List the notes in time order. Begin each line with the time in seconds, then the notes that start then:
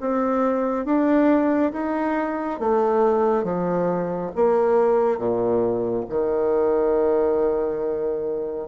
0.00 C4
0.85 D4
1.72 D#4
2.60 A3
3.43 F3
4.36 A#3
5.18 A#2
6.09 D#3